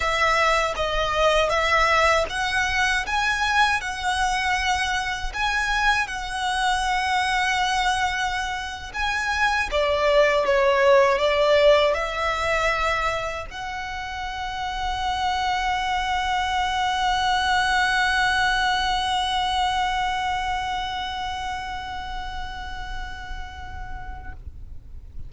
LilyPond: \new Staff \with { instrumentName = "violin" } { \time 4/4 \tempo 4 = 79 e''4 dis''4 e''4 fis''4 | gis''4 fis''2 gis''4 | fis''2.~ fis''8. gis''16~ | gis''8. d''4 cis''4 d''4 e''16~ |
e''4.~ e''16 fis''2~ fis''16~ | fis''1~ | fis''1~ | fis''1 | }